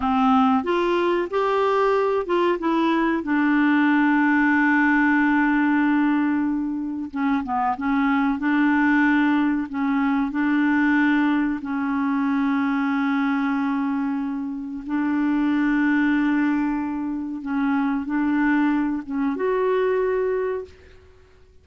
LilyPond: \new Staff \with { instrumentName = "clarinet" } { \time 4/4 \tempo 4 = 93 c'4 f'4 g'4. f'8 | e'4 d'2.~ | d'2. cis'8 b8 | cis'4 d'2 cis'4 |
d'2 cis'2~ | cis'2. d'4~ | d'2. cis'4 | d'4. cis'8 fis'2 | }